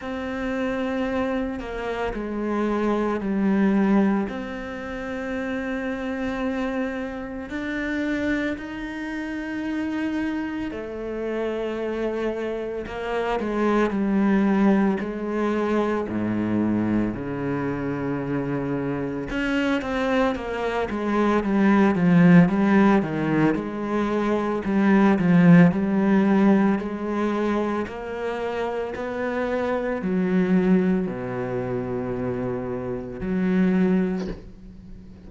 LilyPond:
\new Staff \with { instrumentName = "cello" } { \time 4/4 \tempo 4 = 56 c'4. ais8 gis4 g4 | c'2. d'4 | dis'2 a2 | ais8 gis8 g4 gis4 gis,4 |
cis2 cis'8 c'8 ais8 gis8 | g8 f8 g8 dis8 gis4 g8 f8 | g4 gis4 ais4 b4 | fis4 b,2 fis4 | }